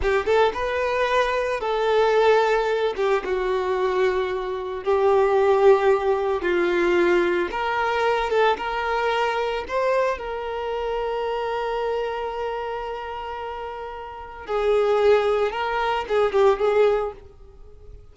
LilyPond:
\new Staff \with { instrumentName = "violin" } { \time 4/4 \tempo 4 = 112 g'8 a'8 b'2 a'4~ | a'4. g'8 fis'2~ | fis'4 g'2. | f'2 ais'4. a'8 |
ais'2 c''4 ais'4~ | ais'1~ | ais'2. gis'4~ | gis'4 ais'4 gis'8 g'8 gis'4 | }